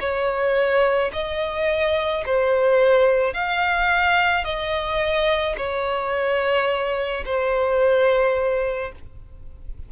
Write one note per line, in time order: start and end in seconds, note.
0.00 1.11 C#5
1.13 2.24 D#5
2.26 3.34 C5
3.34 4.44 F5
4.44 5.56 D#5
5.57 7.24 C#5
7.25 8.92 C5